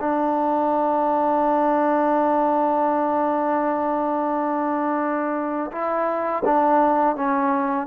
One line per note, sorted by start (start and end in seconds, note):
0.00 5.71 D4
5.72 6.44 E4
6.45 7.16 D4
7.16 7.87 C#4